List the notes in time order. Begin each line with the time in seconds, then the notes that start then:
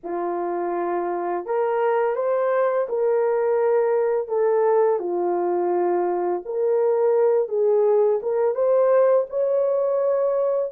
0.03 F4
1.45 A#4
2.15 C5
2.88 A#4
4.28 A4
4.99 F4
6.45 A#4
7.48 G#4
8.22 A#4
8.54 C5
9.29 C#5